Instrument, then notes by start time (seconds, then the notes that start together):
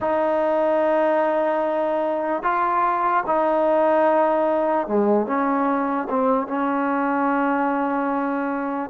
trombone
0.00 D#4
2.42 F4
3.26 D#4
4.87 G#3
5.26 C#4
6.09 C4
6.47 C#4